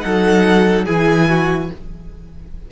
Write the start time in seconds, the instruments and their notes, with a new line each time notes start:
0.00 cello F#3, viola D#4, violin A4 F#5
0.85 cello E3, viola E4, violin G#4 G#5
1.29 violin F#4